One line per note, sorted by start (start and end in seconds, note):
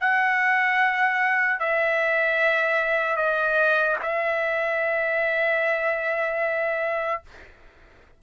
0.00 1.59 F#5
1.59 3.16 E5
3.16 3.96 D#5
4.02 7.22 E5